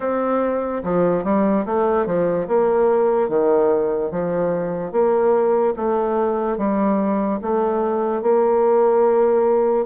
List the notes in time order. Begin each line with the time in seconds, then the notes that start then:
0.00 C4
0.83 F3
1.24 G3
1.65 A3
2.05 F3
2.47 A#3
3.29 D#3
4.11 F3
4.91 A#3
5.76 A3
6.58 G3
7.41 A3
8.22 A#3